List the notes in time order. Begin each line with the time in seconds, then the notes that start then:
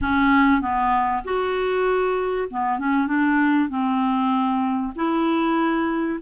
0.01 C#4
0.61 B3
1.24 F#4
2.50 B3
2.78 C#4
3.07 D4
3.69 C4
4.95 E4